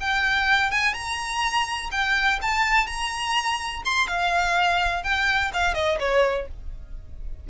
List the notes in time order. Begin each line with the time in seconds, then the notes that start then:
0.00 G5
0.71 G#5
0.94 A#5
1.92 G5
2.42 A5
2.87 A#5
3.85 C6
4.07 F5
5.03 G5
5.53 F5
5.74 D#5
5.99 C#5